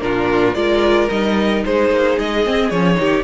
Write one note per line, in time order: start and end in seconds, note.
0.00 0.55 A#2
0.00 0.54 D4
0.00 0.56 F4
0.00 0.54 A#4
0.54 1.09 G#3
0.54 1.08 F4
0.54 1.64 A#4
0.54 1.08 D5
1.09 1.64 G3
1.09 2.45 D#4
1.09 1.63 D#5
1.64 1.90 G#3
1.64 2.99 G#4
1.64 2.18 C5
1.90 2.17 A#3
2.18 2.45 G#3
2.18 2.70 D#5
2.45 2.72 C4
2.45 2.71 C4
2.70 2.98 F3
2.70 2.94 C#4
2.70 3.24 C#5
2.94 3.24 D#3
2.94 3.21 D#4
2.94 3.24 G4